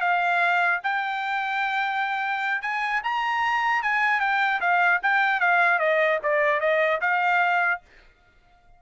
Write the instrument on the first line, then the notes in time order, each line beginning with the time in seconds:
trumpet
0.00 F5
0.83 G5
2.61 G#5
3.03 A#5
3.82 G#5
4.20 G5
4.60 F5
5.02 G5
5.40 F5
5.79 D#5
6.23 D5
6.60 D#5
7.01 F5